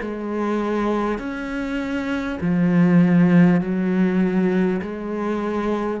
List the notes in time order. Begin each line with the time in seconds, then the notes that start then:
0.00 G#3
1.18 C#4
2.40 F3
3.60 F#3
4.81 G#3